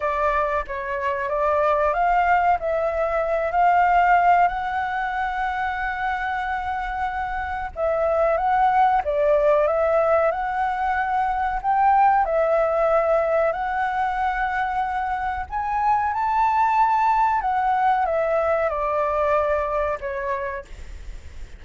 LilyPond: \new Staff \with { instrumentName = "flute" } { \time 4/4 \tempo 4 = 93 d''4 cis''4 d''4 f''4 | e''4. f''4. fis''4~ | fis''1 | e''4 fis''4 d''4 e''4 |
fis''2 g''4 e''4~ | e''4 fis''2. | gis''4 a''2 fis''4 | e''4 d''2 cis''4 | }